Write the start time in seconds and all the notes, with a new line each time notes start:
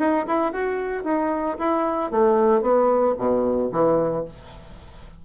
0.00 D#4
0.27 E4
0.53 F#4
1.05 D#4
1.59 E4
2.12 A3
2.62 B3
3.19 B2
3.72 E3